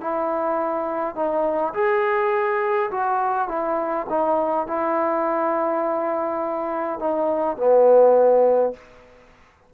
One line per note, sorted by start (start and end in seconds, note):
0.00 1.15 E4
1.15 1.73 D#4
1.73 2.90 G#4
2.91 3.48 F#4
3.48 4.06 E4
4.09 4.67 D#4
4.67 6.99 E4
6.99 7.57 D#4
7.57 8.73 B3